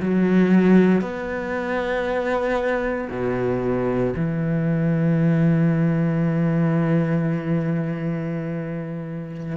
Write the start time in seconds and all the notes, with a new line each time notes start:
0.00 F#3
1.02 B3
3.10 B2
4.17 E3